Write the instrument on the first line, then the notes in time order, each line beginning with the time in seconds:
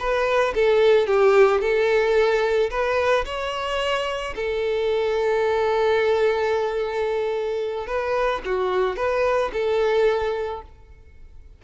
violin
0.00 B4
0.56 A4
1.07 G4
1.61 A4
2.71 B4
3.26 C#5
4.36 A4
7.87 B4
8.46 F#4
8.97 B4
9.53 A4